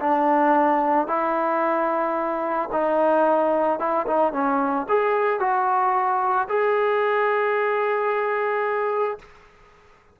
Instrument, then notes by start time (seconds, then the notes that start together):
trombone
0.00 D4
1.07 E4
2.72 D#4
3.79 E4
4.07 D#4
4.32 C#4
4.88 G#4
5.40 F#4
6.48 G#4